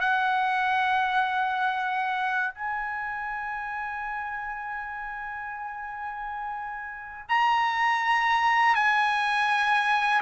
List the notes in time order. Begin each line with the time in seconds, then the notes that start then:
0.00 F#5
2.54 G#5
7.29 A#5
8.75 G#5